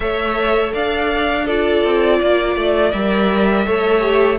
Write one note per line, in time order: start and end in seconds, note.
0.00 0.73 A3
0.00 1.44 A4
0.00 0.73 C#5
0.00 0.73 E5
0.73 1.84 D4
0.73 1.45 D5
0.73 1.47 F5
1.45 2.94 F4
1.45 2.18 A4
1.45 2.91 D5
1.84 2.21 C4
2.20 2.56 A#3
2.20 3.65 D5
2.56 2.92 A3
2.91 3.66 G3
2.91 3.66 A#4
2.91 4.37 E5
3.65 4.39 A3
3.65 4.00 A4
3.65 4.38 C#5
4.00 4.37 G4